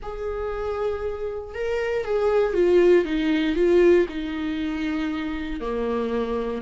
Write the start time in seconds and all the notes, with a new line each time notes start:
0.02 G#4
1.54 A#4
2.04 G#4
2.53 F4
3.05 D#4
3.55 F4
4.08 D#4
5.60 A#3